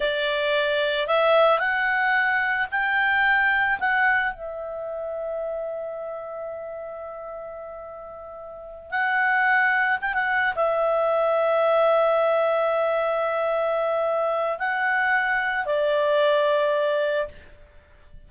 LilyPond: \new Staff \with { instrumentName = "clarinet" } { \time 4/4 \tempo 4 = 111 d''2 e''4 fis''4~ | fis''4 g''2 fis''4 | e''1~ | e''1~ |
e''8 fis''2 g''16 fis''8. e''8~ | e''1~ | e''2. fis''4~ | fis''4 d''2. | }